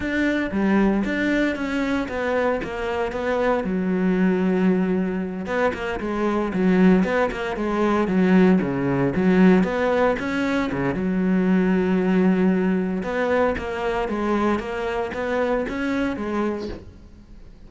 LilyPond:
\new Staff \with { instrumentName = "cello" } { \time 4/4 \tempo 4 = 115 d'4 g4 d'4 cis'4 | b4 ais4 b4 fis4~ | fis2~ fis8 b8 ais8 gis8~ | gis8 fis4 b8 ais8 gis4 fis8~ |
fis8 cis4 fis4 b4 cis'8~ | cis'8 cis8 fis2.~ | fis4 b4 ais4 gis4 | ais4 b4 cis'4 gis4 | }